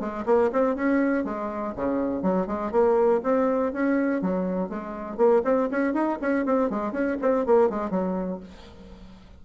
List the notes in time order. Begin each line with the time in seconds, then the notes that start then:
0.00 G#3
0.25 A#3
0.52 C4
0.75 C#4
1.24 G#3
1.75 C#3
2.22 F#3
2.47 G#3
2.71 A#3
3.23 C4
3.73 C#4
4.21 F#3
4.69 G#3
5.17 A#3
5.44 C4
5.71 C#4
5.93 D#4
6.21 C#4
6.45 C4
6.70 G#3
6.92 C#4
7.21 C4
7.46 A#3
7.69 G#3
7.90 F#3